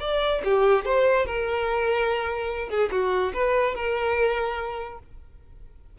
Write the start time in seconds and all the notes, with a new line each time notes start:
0.00 D5
0.44 G4
0.85 C5
1.26 A#4
2.69 G#4
2.91 F#4
3.33 B4
3.74 A#4